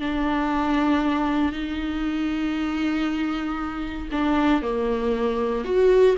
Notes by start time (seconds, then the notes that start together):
0.00 D4
1.53 D#4
4.12 D4
4.63 A#3
5.65 F#4